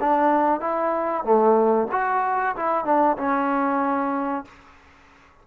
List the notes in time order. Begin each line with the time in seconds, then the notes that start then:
0.00 D4
0.60 E4
1.24 A3
1.91 F#4
2.56 E4
2.85 D4
3.17 C#4